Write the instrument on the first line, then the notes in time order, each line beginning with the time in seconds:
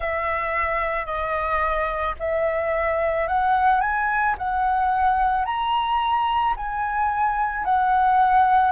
flute
0.00 E5
1.05 D#5
2.19 E5
3.27 F#5
3.80 G#5
4.37 F#5
5.45 A#5
6.56 G#5
7.65 F#5